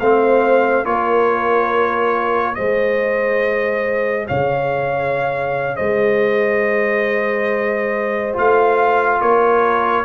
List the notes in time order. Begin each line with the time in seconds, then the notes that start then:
0.00 A3 C4 C5 F5
0.85 A#3 F4 A#4 C#5
2.55 G#3 G#4 C5 D#5
4.27 C#3 C#5 F5
5.77 G#3 C5 D#5
8.34 A3 F4 F5
9.22 A#3 A#4 C#5